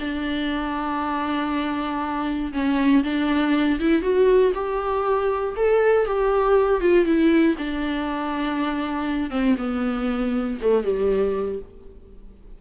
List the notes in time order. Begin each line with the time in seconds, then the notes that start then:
0.00 D4
2.53 C#4
3.03 D4
3.79 E4
4.02 F#4
4.54 G4
5.56 A4
6.06 G4
6.81 F4
7.05 E4
7.58 D4
9.30 C4
9.58 B3
10.61 A3
10.84 G3